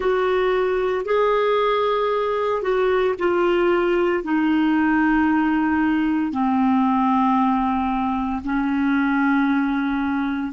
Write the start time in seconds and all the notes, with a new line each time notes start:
0.00 F#4
1.05 G#4
2.62 F#4
3.18 F4
4.23 D#4
6.32 C4
8.44 C#4